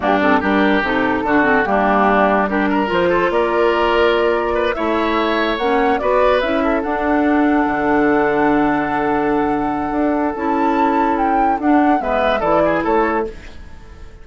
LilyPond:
<<
  \new Staff \with { instrumentName = "flute" } { \time 4/4 \tempo 4 = 145 g'8 a'8 ais'4 a'2 | g'2 ais'4 c''4 | d''2.~ d''8 e''8~ | e''4. fis''4 d''4 e''8~ |
e''8 fis''2.~ fis''8~ | fis''1~ | fis''4 a''2 g''4 | fis''4 e''4 d''4 cis''4 | }
  \new Staff \with { instrumentName = "oboe" } { \time 4/4 d'4 g'2 fis'4 | d'2 g'8 ais'4 a'8 | ais'2. b'8 cis''8~ | cis''2~ cis''8 b'4. |
a'1~ | a'1~ | a'1~ | a'4 b'4 a'8 gis'8 a'4 | }
  \new Staff \with { instrumentName = "clarinet" } { \time 4/4 ais8 c'8 d'4 dis'4 d'8 c'8 | ais2 d'4 f'4~ | f'2.~ f'8 e'8~ | e'4. cis'4 fis'4 e'8~ |
e'8 d'2.~ d'8~ | d'1~ | d'4 e'2. | d'4 b4 e'2 | }
  \new Staff \with { instrumentName = "bassoon" } { \time 4/4 g,4 g4 c4 d4 | g2. f4 | ais2.~ ais8 a8~ | a4. ais4 b4 cis'8~ |
cis'8 d'2 d4.~ | d1 | d'4 cis'2. | d'4 gis4 e4 a4 | }
>>